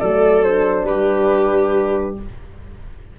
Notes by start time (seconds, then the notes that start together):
0.00 F#3 A3 A4 D5
0.44 D4 C5
0.84 G3 G4 B4